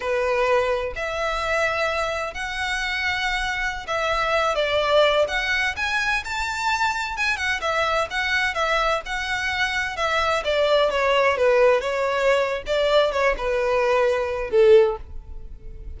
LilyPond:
\new Staff \with { instrumentName = "violin" } { \time 4/4 \tempo 4 = 128 b'2 e''2~ | e''4 fis''2.~ | fis''16 e''4. d''4. fis''8.~ | fis''16 gis''4 a''2 gis''8 fis''16~ |
fis''16 e''4 fis''4 e''4 fis''8.~ | fis''4~ fis''16 e''4 d''4 cis''8.~ | cis''16 b'4 cis''4.~ cis''16 d''4 | cis''8 b'2~ b'8 a'4 | }